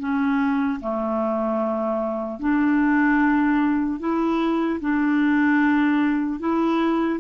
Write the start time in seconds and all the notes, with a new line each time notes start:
0.00 C#4
0.81 A3
2.40 D4
4.00 E4
4.81 D4
6.40 E4